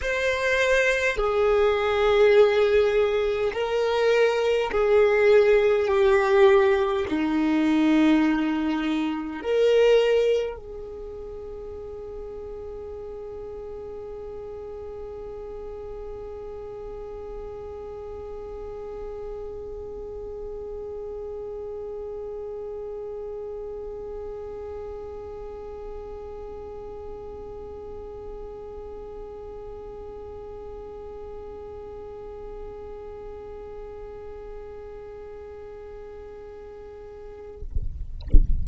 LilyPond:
\new Staff \with { instrumentName = "violin" } { \time 4/4 \tempo 4 = 51 c''4 gis'2 ais'4 | gis'4 g'4 dis'2 | ais'4 gis'2.~ | gis'1~ |
gis'1~ | gis'1~ | gis'1~ | gis'1 | }